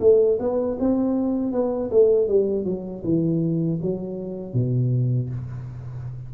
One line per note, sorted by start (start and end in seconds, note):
0.00 0.38 A3
0.39 0.77 B3
0.79 1.52 C4
1.52 1.90 B3
1.90 2.28 A3
2.28 2.64 G3
2.64 3.02 F#3
3.04 3.80 E3
3.81 4.53 F#3
4.53 5.29 B2